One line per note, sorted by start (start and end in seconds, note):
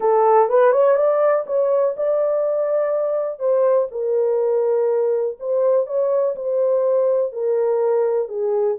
0.00 0.49 A4
0.49 0.72 B4
0.72 0.96 C#5
0.96 1.44 D5
1.46 1.95 C#5
1.96 3.39 D5
3.39 3.87 C5
3.91 5.37 A#4
5.39 5.86 C5
5.86 6.35 C#5
6.35 7.32 C5
7.32 8.28 A#4
8.28 8.77 G#4